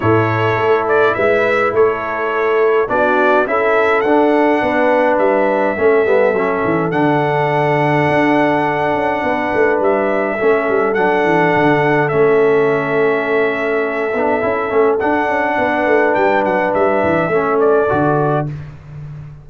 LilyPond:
<<
  \new Staff \with { instrumentName = "trumpet" } { \time 4/4 \tempo 4 = 104 cis''4. d''8 e''4 cis''4~ | cis''4 d''4 e''4 fis''4~ | fis''4 e''2. | fis''1~ |
fis''4 e''2 fis''4~ | fis''4 e''2.~ | e''2 fis''2 | g''8 fis''8 e''4. d''4. | }
  \new Staff \with { instrumentName = "horn" } { \time 4/4 a'2 b'4 a'4~ | a'4 fis'4 a'2 | b'2 a'2~ | a'1 |
b'2 a'2~ | a'1~ | a'2. b'4~ | b'2 a'2 | }
  \new Staff \with { instrumentName = "trombone" } { \time 4/4 e'1~ | e'4 d'4 e'4 d'4~ | d'2 cis'8 b8 cis'4 | d'1~ |
d'2 cis'4 d'4~ | d'4 cis'2.~ | cis'8 d'8 e'8 cis'8 d'2~ | d'2 cis'4 fis'4 | }
  \new Staff \with { instrumentName = "tuba" } { \time 4/4 a,4 a4 gis4 a4~ | a4 b4 cis'4 d'4 | b4 g4 a8 g8 fis8 e8 | d2 d'4. cis'8 |
b8 a8 g4 a8 g8 fis8 e8 | d4 a2.~ | a8 b8 cis'8 a8 d'8 cis'8 b8 a8 | g8 fis8 g8 e8 a4 d4 | }
>>